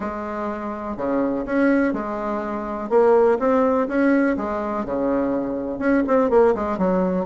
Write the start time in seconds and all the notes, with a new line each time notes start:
0.00 G#3
0.97 C#3
1.45 C#4
1.93 G#3
2.89 A#3
3.39 C4
3.88 C#4
4.37 G#3
4.85 C#3
5.78 C#4
6.07 C4
6.30 A#3
6.54 G#3
6.78 F#3